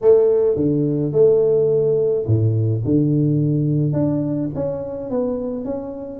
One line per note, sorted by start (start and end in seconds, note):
0.01 0.56 A3
0.56 1.12 D3
1.12 2.25 A3
2.26 2.83 A2
2.85 3.92 D3
3.92 4.49 D4
4.54 5.09 C#4
5.09 5.64 B3
5.64 6.19 C#4